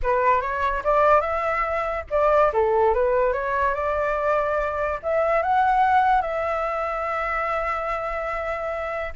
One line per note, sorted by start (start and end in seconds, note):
0.02 0.41 B4
0.41 0.83 C#5
0.84 1.20 D5
1.20 2.04 E5
2.10 2.52 D5
2.53 2.94 A4
2.94 3.32 B4
3.32 3.74 C#5
3.74 4.99 D5
5.02 5.42 E5
5.42 6.21 F#5
6.21 9.13 E5